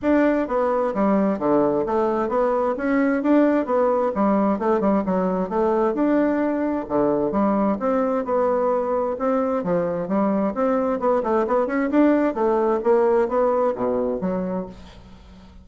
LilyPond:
\new Staff \with { instrumentName = "bassoon" } { \time 4/4 \tempo 4 = 131 d'4 b4 g4 d4 | a4 b4 cis'4 d'4 | b4 g4 a8 g8 fis4 | a4 d'2 d4 |
g4 c'4 b2 | c'4 f4 g4 c'4 | b8 a8 b8 cis'8 d'4 a4 | ais4 b4 b,4 fis4 | }